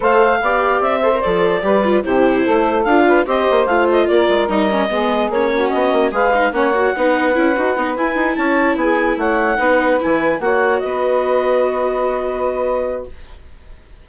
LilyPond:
<<
  \new Staff \with { instrumentName = "clarinet" } { \time 4/4 \tempo 4 = 147 f''2 e''4 d''4~ | d''4 c''2 f''4 | dis''4 f''8 dis''8 d''4 dis''4~ | dis''4 cis''4 dis''4 f''4 |
fis''2.~ fis''8 gis''8~ | gis''8 a''4 gis''4 fis''4.~ | fis''8 gis''4 fis''4 dis''4.~ | dis''1 | }
  \new Staff \with { instrumentName = "saxophone" } { \time 4/4 c''4 d''4. c''4. | b'4 g'4 a'4. b'8 | c''2 ais'2 | gis'4. fis'4. b'4 |
cis''4 b'2.~ | b'8 cis''4 gis'4 cis''4 b'8~ | b'4. cis''4 b'4.~ | b'1 | }
  \new Staff \with { instrumentName = "viola" } { \time 4/4 a'4 g'4. a'16 ais'16 a'4 | g'8 f'8 e'2 f'4 | g'4 f'2 dis'8 cis'8 | b4 cis'2 gis'8 dis'8 |
cis'8 fis'8 dis'4 e'8 fis'8 dis'8 e'8~ | e'2.~ e'8 dis'8~ | dis'8 e'4 fis'2~ fis'8~ | fis'1 | }
  \new Staff \with { instrumentName = "bassoon" } { \time 4/4 a4 b4 c'4 f4 | g4 c4 a4 d'4 | c'8 ais8 a4 ais8 gis8 g4 | gis4 ais4 b8 ais8 gis4 |
ais4 b4 cis'8 dis'8 b8 e'8 | dis'8 cis'4 b4 a4 b8~ | b8 e4 ais4 b4.~ | b1 | }
>>